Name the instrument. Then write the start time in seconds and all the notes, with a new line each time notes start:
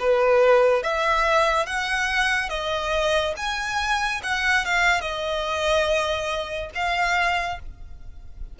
violin
0.00 B4
0.83 E5
1.66 F#5
2.50 D#5
3.37 G#5
4.24 F#5
4.66 F5
5.01 D#5
6.75 F5